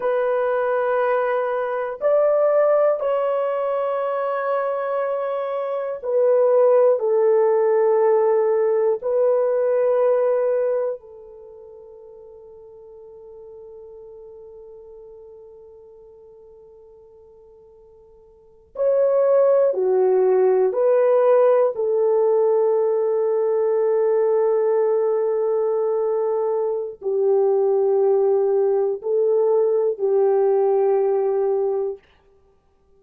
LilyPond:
\new Staff \with { instrumentName = "horn" } { \time 4/4 \tempo 4 = 60 b'2 d''4 cis''4~ | cis''2 b'4 a'4~ | a'4 b'2 a'4~ | a'1~ |
a'2~ a'8. cis''4 fis'16~ | fis'8. b'4 a'2~ a'16~ | a'2. g'4~ | g'4 a'4 g'2 | }